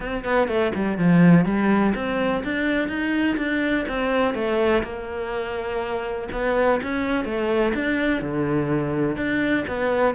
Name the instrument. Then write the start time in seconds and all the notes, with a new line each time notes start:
cello
0.00 C4
0.24 B3
0.48 A3
0.75 G3
0.98 F3
1.45 G3
1.94 C4
2.43 D4
2.88 D#4
3.37 D4
3.88 C4
4.34 A3
4.83 A#3
6.32 B3
6.82 C#4
7.25 A3
7.74 D4
8.21 D3
9.16 D4
9.67 B3